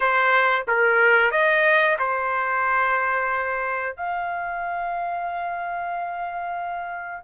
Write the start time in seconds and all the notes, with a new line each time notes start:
0.00 C5
0.67 A#4
1.31 D#5
1.98 C5
3.96 F5